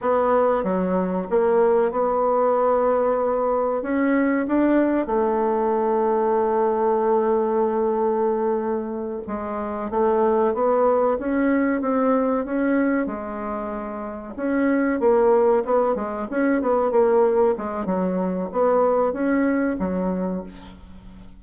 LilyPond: \new Staff \with { instrumentName = "bassoon" } { \time 4/4 \tempo 4 = 94 b4 fis4 ais4 b4~ | b2 cis'4 d'4 | a1~ | a2~ a8 gis4 a8~ |
a8 b4 cis'4 c'4 cis'8~ | cis'8 gis2 cis'4 ais8~ | ais8 b8 gis8 cis'8 b8 ais4 gis8 | fis4 b4 cis'4 fis4 | }